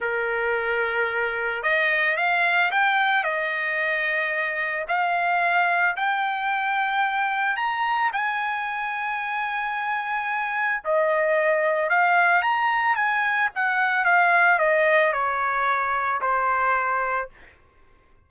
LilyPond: \new Staff \with { instrumentName = "trumpet" } { \time 4/4 \tempo 4 = 111 ais'2. dis''4 | f''4 g''4 dis''2~ | dis''4 f''2 g''4~ | g''2 ais''4 gis''4~ |
gis''1 | dis''2 f''4 ais''4 | gis''4 fis''4 f''4 dis''4 | cis''2 c''2 | }